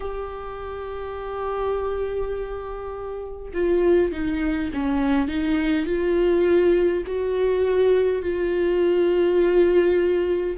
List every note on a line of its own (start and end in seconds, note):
0.00 3.51 G4
3.53 4.12 F4
4.12 4.71 D#4
4.73 5.28 C#4
5.28 5.86 D#4
5.86 7.03 F4
7.06 8.21 F#4
8.21 10.57 F4